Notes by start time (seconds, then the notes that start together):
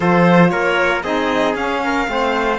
0.00 F3 F4 A4 C5
0.50 A#3 A#4 C#5
1.02 C4 D#4 G#4 D#5
1.54 C#4 F5
1.84 A#4
2.06 A3 C4 C5